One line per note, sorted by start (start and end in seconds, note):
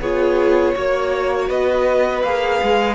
0.00 0.74 B3
0.00 0.75 F4
0.00 0.75 G#4
0.00 1.50 C#5
0.75 1.50 A#3
0.75 2.23 F#4
0.75 1.49 C#5
1.49 2.23 B3
1.49 2.95 B4
1.49 2.23 D#5
2.23 2.60 A#3
2.23 2.95 G#4
2.23 2.95 F5
2.63 2.95 G#3